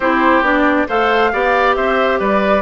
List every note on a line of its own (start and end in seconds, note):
0.00 0.41 C4
0.00 0.43 E4
0.00 0.87 G4
0.00 0.43 C5
0.41 0.85 B3
0.41 0.87 D4
0.41 0.87 D5
0.88 1.33 A3
0.88 1.31 A4
0.88 1.31 C5
0.88 1.75 F5
1.32 1.76 B3
1.32 2.61 G4
1.32 1.76 D5
1.75 2.20 C4
1.75 2.19 C5
1.75 2.19 E5
2.19 2.61 G3
2.19 2.61 B4
2.19 2.61 D5